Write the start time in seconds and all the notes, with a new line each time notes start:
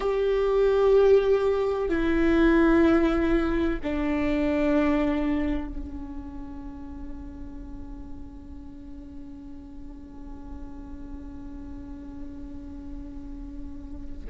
0.00 G4
1.88 E4
3.83 D4
5.68 C#4